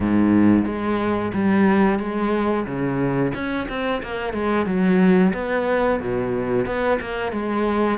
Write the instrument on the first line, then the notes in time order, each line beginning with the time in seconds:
cello
0.00 G#2
0.65 G#3
1.33 G3
1.98 G#3
2.65 C#3
3.34 C#4
3.68 C4
4.02 A#3
4.33 G#3
4.66 F#3
5.33 B3
6.00 B2
6.65 B3
7.00 A#3
7.32 G#3